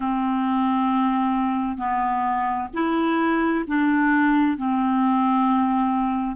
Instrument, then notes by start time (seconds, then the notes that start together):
clarinet
0.00 C4
1.77 B3
2.73 E4
3.67 D4
4.57 C4